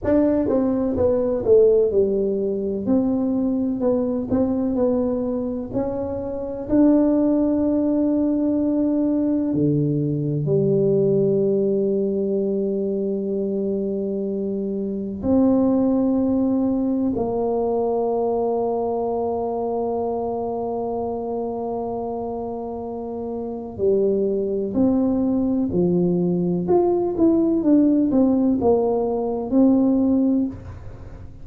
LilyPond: \new Staff \with { instrumentName = "tuba" } { \time 4/4 \tempo 4 = 63 d'8 c'8 b8 a8 g4 c'4 | b8 c'8 b4 cis'4 d'4~ | d'2 d4 g4~ | g1 |
c'2 ais2~ | ais1~ | ais4 g4 c'4 f4 | f'8 e'8 d'8 c'8 ais4 c'4 | }